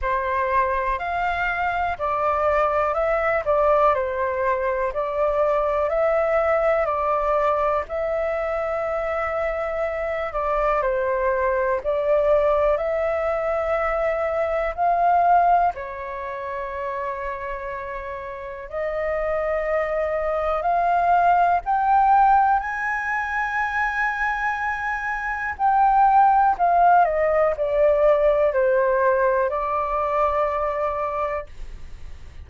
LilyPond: \new Staff \with { instrumentName = "flute" } { \time 4/4 \tempo 4 = 61 c''4 f''4 d''4 e''8 d''8 | c''4 d''4 e''4 d''4 | e''2~ e''8 d''8 c''4 | d''4 e''2 f''4 |
cis''2. dis''4~ | dis''4 f''4 g''4 gis''4~ | gis''2 g''4 f''8 dis''8 | d''4 c''4 d''2 | }